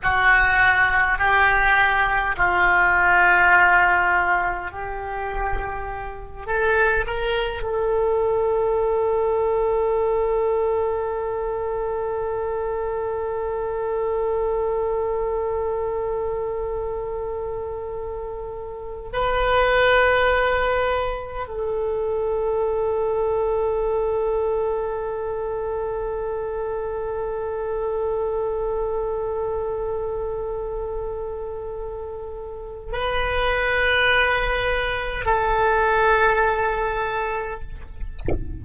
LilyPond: \new Staff \with { instrumentName = "oboe" } { \time 4/4 \tempo 4 = 51 fis'4 g'4 f'2 | g'4. a'8 ais'8 a'4.~ | a'1~ | a'1~ |
a'16 b'2 a'4.~ a'16~ | a'1~ | a'1 | b'2 a'2 | }